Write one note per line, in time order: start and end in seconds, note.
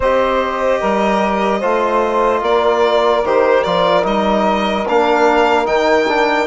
0.00 0.80 C4
0.00 1.61 G4
0.00 0.80 C5
0.00 2.44 D#5
0.80 1.62 G3
0.80 1.59 A#4
1.59 2.42 A3
1.59 3.23 F4
1.59 2.40 C5
2.42 3.23 A#3
2.42 6.47 A#4
2.42 3.25 D5
3.24 3.64 D#3
3.24 3.65 G4
3.24 3.63 C5
3.63 4.04 F3
3.63 4.03 F4
3.63 4.04 D5
4.03 4.85 G3
4.03 4.84 D#4
4.03 4.87 D#5
4.88 5.67 A#3
4.88 5.65 D4
4.88 5.66 F5
5.65 6.47 D#3
5.65 6.06 D#4
5.65 6.47 G5
6.07 6.47 D4